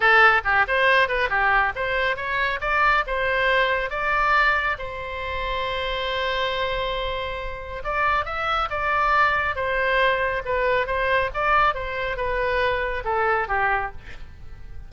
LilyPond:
\new Staff \with { instrumentName = "oboe" } { \time 4/4 \tempo 4 = 138 a'4 g'8 c''4 b'8 g'4 | c''4 cis''4 d''4 c''4~ | c''4 d''2 c''4~ | c''1~ |
c''2 d''4 e''4 | d''2 c''2 | b'4 c''4 d''4 c''4 | b'2 a'4 g'4 | }